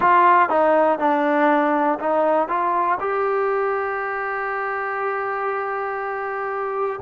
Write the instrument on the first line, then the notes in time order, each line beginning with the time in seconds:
trombone
0.00 F4
0.49 D#4
0.99 D4
1.99 D#4
2.48 F4
3.00 G4